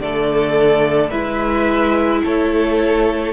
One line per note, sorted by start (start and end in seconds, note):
0.00 1.11 D3
0.00 1.13 A3
0.00 1.11 A4
0.00 1.11 D5
1.11 2.23 G#3
1.11 3.33 E4
1.11 2.22 B4
1.11 2.22 E5
2.24 3.33 A3
2.24 3.33 A4
2.24 3.33 C#5